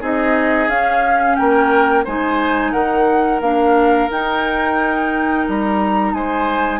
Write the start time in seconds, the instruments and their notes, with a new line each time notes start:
0.00 bassoon C4, clarinet D#4, oboe G#4, flute D#5
0.68 bassoon C#4, clarinet C#4, flute F5
1.35 bassoon A#3, oboe A#4, flute G5
2.04 bassoon G#3, clarinet D#4, oboe C5, flute G#5
2.71 bassoon D#3, oboe A#4, flute F#5
3.40 bassoon A#3, clarinet D4, flute F5
4.09 clarinet D#4, bassoon D#4, flute G5
5.48 bassoon G3, flute A#5
6.13 bassoon G#3, oboe C5, flute G#5